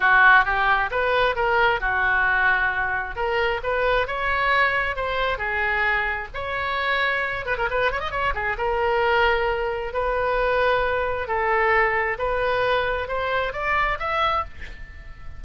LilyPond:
\new Staff \with { instrumentName = "oboe" } { \time 4/4 \tempo 4 = 133 fis'4 g'4 b'4 ais'4 | fis'2. ais'4 | b'4 cis''2 c''4 | gis'2 cis''2~ |
cis''8 b'16 ais'16 b'8 cis''16 dis''16 cis''8 gis'8 ais'4~ | ais'2 b'2~ | b'4 a'2 b'4~ | b'4 c''4 d''4 e''4 | }